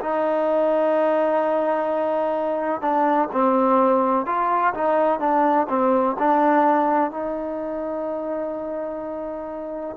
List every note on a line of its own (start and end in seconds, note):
0.00 2.81 D#4
2.81 3.29 D4
3.32 4.26 C4
4.26 4.74 F4
4.74 5.19 D#4
5.19 5.67 D4
5.69 6.16 C4
6.19 7.11 D4
7.11 9.97 D#4